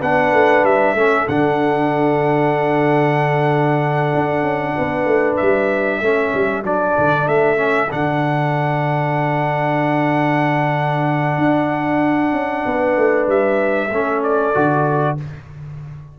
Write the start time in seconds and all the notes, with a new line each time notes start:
0.00 B3 D4 B4 F#5
0.33 A3
0.64 G3 E5
0.94 A3 C#4 A4
1.28 D3 D4 F#5
4.14 D4
4.42 C#4
4.76 B3 B4
5.05 A3
5.37 G3 E5
6.00 A3 C#4 A4
6.34 G3
6.63 F#3 D4 D5
6.98 D3
7.27 A3 E5
7.56 C#4
7.90 D3 D4 F#5
11.38 D4
12.32 C#4
12.66 B3 B4
12.97 A3
13.27 G3 E5
13.89 A3 C#4 A4
14.23 D5
14.54 D3 F#4